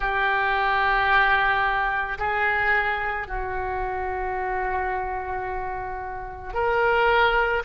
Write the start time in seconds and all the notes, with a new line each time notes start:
0.00 G4
2.18 G#4
3.27 F#4
6.53 A#4